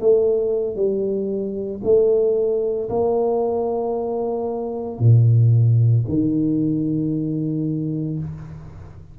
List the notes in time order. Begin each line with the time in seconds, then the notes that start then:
0.00 A3
0.76 G3
1.83 A3
2.89 A#3
4.99 A#2
6.08 D#3